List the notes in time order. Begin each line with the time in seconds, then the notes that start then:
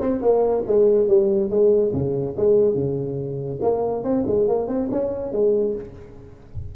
0.00 C4
0.21 A#3
0.66 G#3
1.07 G3
1.49 G#3
1.92 C#3
2.36 G#3
2.74 C#3
3.61 A#3
4.03 C4
4.26 G#3
4.47 A#3
4.68 C4
4.91 C#4
5.32 G#3